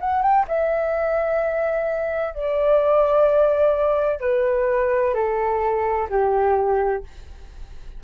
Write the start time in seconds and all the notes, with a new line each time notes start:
0.00 F#5
0.22 G5
0.47 E5
2.34 D5
4.20 B4
5.14 A4
6.09 G4